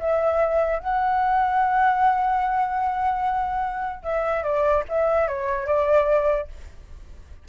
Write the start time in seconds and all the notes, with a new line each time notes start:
0.00 E5
0.79 F#5
4.03 E5
4.44 D5
4.89 E5
5.28 C#5
5.67 D5